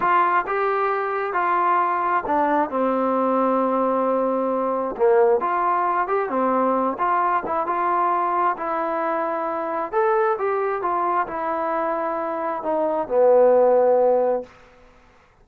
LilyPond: \new Staff \with { instrumentName = "trombone" } { \time 4/4 \tempo 4 = 133 f'4 g'2 f'4~ | f'4 d'4 c'2~ | c'2. ais4 | f'4. g'8 c'4. f'8~ |
f'8 e'8 f'2 e'4~ | e'2 a'4 g'4 | f'4 e'2. | dis'4 b2. | }